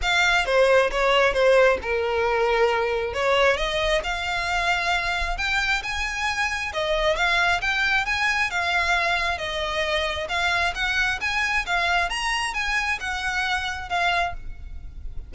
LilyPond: \new Staff \with { instrumentName = "violin" } { \time 4/4 \tempo 4 = 134 f''4 c''4 cis''4 c''4 | ais'2. cis''4 | dis''4 f''2. | g''4 gis''2 dis''4 |
f''4 g''4 gis''4 f''4~ | f''4 dis''2 f''4 | fis''4 gis''4 f''4 ais''4 | gis''4 fis''2 f''4 | }